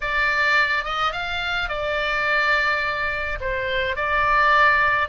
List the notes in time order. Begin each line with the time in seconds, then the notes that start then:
0.00 D5
0.84 D#5
1.12 F5
1.69 D5
3.40 C5
3.96 D5